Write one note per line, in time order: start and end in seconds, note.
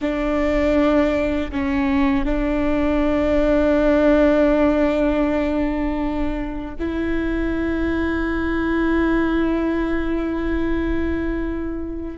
0.01 1.51 D4
1.51 2.25 C#4
2.25 6.75 D4
6.79 12.17 E4